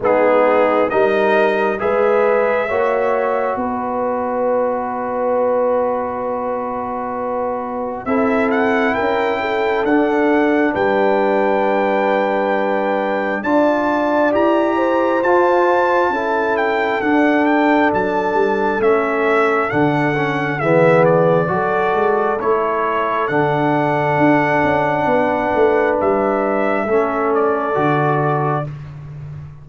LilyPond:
<<
  \new Staff \with { instrumentName = "trumpet" } { \time 4/4 \tempo 4 = 67 gis'4 dis''4 e''2 | dis''1~ | dis''4 e''8 fis''8 g''4 fis''4 | g''2. a''4 |
ais''4 a''4. g''8 fis''8 g''8 | a''4 e''4 fis''4 e''8 d''8~ | d''4 cis''4 fis''2~ | fis''4 e''4. d''4. | }
  \new Staff \with { instrumentName = "horn" } { \time 4/4 dis'4 ais'4 b'4 cis''4 | b'1~ | b'4 a'4 ais'8 a'4. | b'2. d''4~ |
d''8 c''4. a'2~ | a'2. gis'4 | a'1 | b'2 a'2 | }
  \new Staff \with { instrumentName = "trombone" } { \time 4/4 b4 dis'4 gis'4 fis'4~ | fis'1~ | fis'4 e'2 d'4~ | d'2. f'4 |
g'4 f'4 e'4 d'4~ | d'4 cis'4 d'8 cis'8 b4 | fis'4 e'4 d'2~ | d'2 cis'4 fis'4 | }
  \new Staff \with { instrumentName = "tuba" } { \time 4/4 gis4 g4 gis4 ais4 | b1~ | b4 c'4 cis'4 d'4 | g2. d'4 |
e'4 f'4 cis'4 d'4 | fis8 g8 a4 d4 e4 | fis8 gis8 a4 d4 d'8 cis'8 | b8 a8 g4 a4 d4 | }
>>